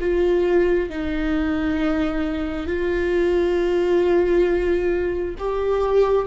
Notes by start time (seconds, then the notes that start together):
0.00 F4
0.90 D#4
2.67 F4
5.39 G4